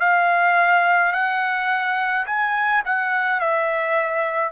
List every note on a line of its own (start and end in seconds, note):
0.00 1.13 F5
1.13 2.26 F#5
2.26 2.83 G#5
2.85 3.40 F#5
3.40 4.52 E5